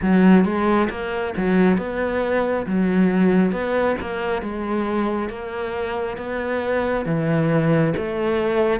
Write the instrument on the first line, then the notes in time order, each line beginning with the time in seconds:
cello
0.02 F#3
0.44 G#3
0.89 A#3
1.36 F#3
1.77 B3
2.66 F#3
3.52 B3
4.00 A#3
4.42 G#3
5.29 A#3
6.17 B3
7.05 E3
7.97 A3